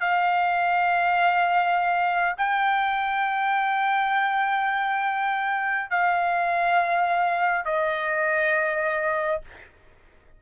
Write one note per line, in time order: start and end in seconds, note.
0.00 2.35 F5
2.37 5.90 G5
5.90 7.65 F5
7.65 9.41 D#5